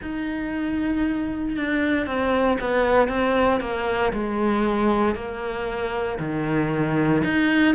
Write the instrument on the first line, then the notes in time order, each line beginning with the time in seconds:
cello
0.01 D#4
1.56 D4
2.06 C4
2.60 B3
3.08 C4
3.60 A#3
4.12 G#3
5.14 A#3
6.19 D#3
7.24 D#4